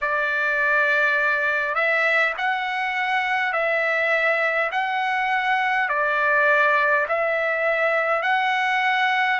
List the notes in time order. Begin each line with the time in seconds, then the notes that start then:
0.01 D5
1.74 E5
2.37 F#5
3.52 E5
4.71 F#5
5.88 D5
7.08 E5
8.22 F#5